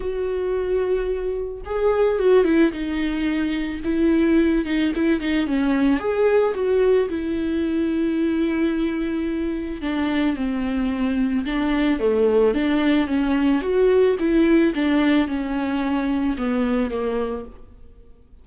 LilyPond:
\new Staff \with { instrumentName = "viola" } { \time 4/4 \tempo 4 = 110 fis'2. gis'4 | fis'8 e'8 dis'2 e'4~ | e'8 dis'8 e'8 dis'8 cis'4 gis'4 | fis'4 e'2.~ |
e'2 d'4 c'4~ | c'4 d'4 a4 d'4 | cis'4 fis'4 e'4 d'4 | cis'2 b4 ais4 | }